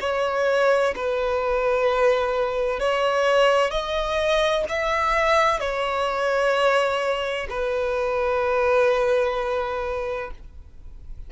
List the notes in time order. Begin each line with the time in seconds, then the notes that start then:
0.00 C#5
0.95 B4
2.79 C#5
3.70 D#5
4.68 E5
5.60 C#5
7.49 B4